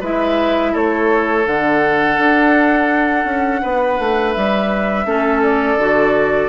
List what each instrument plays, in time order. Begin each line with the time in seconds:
0.00 bassoon G#3, clarinet E4, oboe B4, flute E5
0.72 bassoon A3, oboe A4, flute C#5
1.45 bassoon D3, clarinet D4, flute F#5
2.18 bassoon D4
3.25 bassoon C#4
3.62 bassoon B3, oboe B4
3.99 bassoon A3
4.33 bassoon G3, flute E5
5.05 bassoon A3, clarinet C#4, oboe A4
5.42 flute D5
5.77 bassoon D3, clarinet F#4